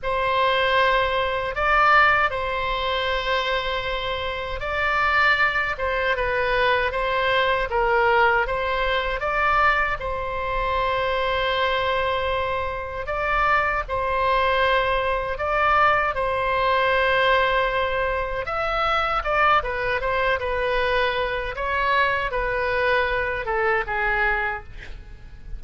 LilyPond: \new Staff \with { instrumentName = "oboe" } { \time 4/4 \tempo 4 = 78 c''2 d''4 c''4~ | c''2 d''4. c''8 | b'4 c''4 ais'4 c''4 | d''4 c''2.~ |
c''4 d''4 c''2 | d''4 c''2. | e''4 d''8 b'8 c''8 b'4. | cis''4 b'4. a'8 gis'4 | }